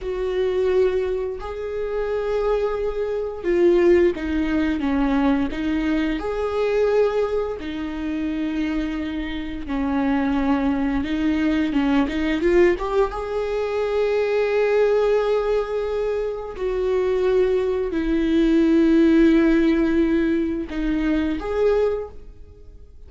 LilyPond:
\new Staff \with { instrumentName = "viola" } { \time 4/4 \tempo 4 = 87 fis'2 gis'2~ | gis'4 f'4 dis'4 cis'4 | dis'4 gis'2 dis'4~ | dis'2 cis'2 |
dis'4 cis'8 dis'8 f'8 g'8 gis'4~ | gis'1 | fis'2 e'2~ | e'2 dis'4 gis'4 | }